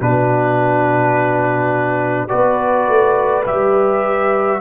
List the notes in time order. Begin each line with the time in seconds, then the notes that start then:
0.00 B2 D4 F#4 B4
2.28 B3 F#4 B4 D5
2.88 A3
3.46 G3 G4 E5